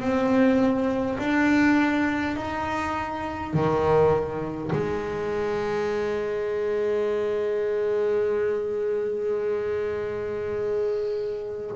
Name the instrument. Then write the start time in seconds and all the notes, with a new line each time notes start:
double bass
0.00 C4
1.18 D4
2.36 D#4
3.53 D#3
4.73 G#3